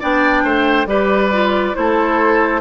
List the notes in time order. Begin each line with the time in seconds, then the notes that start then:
0.00 B3 D4 D5 G5
0.44 A3 C5
0.86 G3 G4 B4 D5
1.33 F4
1.74 A3 E4 A4 C5